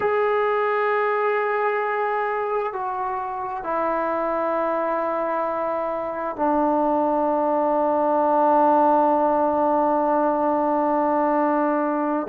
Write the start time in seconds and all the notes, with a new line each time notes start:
0.00 G#4
2.73 F#4
3.63 E4
6.36 D4